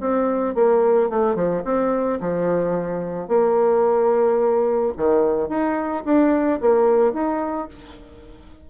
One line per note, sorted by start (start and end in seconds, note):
0.00 0.55 C4
0.55 1.09 A#3
1.09 1.35 A3
1.35 1.63 F3
1.64 2.19 C4
2.20 3.28 F3
3.28 4.93 A#3
4.97 5.49 D#3
5.49 6.04 D#4
6.05 6.60 D4
6.61 7.13 A#3
7.13 7.68 D#4